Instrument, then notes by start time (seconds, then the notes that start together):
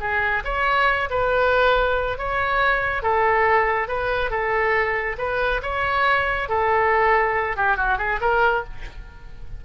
oboe
0.00 G#4
0.44 C#5
1.10 B4
2.18 C#5
3.03 A4
3.88 B4
4.30 A4
5.18 B4
5.63 C#5
6.49 A4
7.56 G4
7.77 F#4
7.98 G#4
8.21 A#4